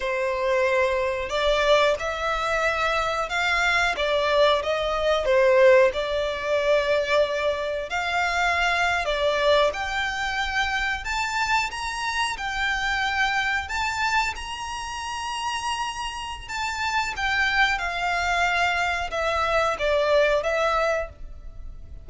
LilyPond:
\new Staff \with { instrumentName = "violin" } { \time 4/4 \tempo 4 = 91 c''2 d''4 e''4~ | e''4 f''4 d''4 dis''4 | c''4 d''2. | f''4.~ f''16 d''4 g''4~ g''16~ |
g''8. a''4 ais''4 g''4~ g''16~ | g''8. a''4 ais''2~ ais''16~ | ais''4 a''4 g''4 f''4~ | f''4 e''4 d''4 e''4 | }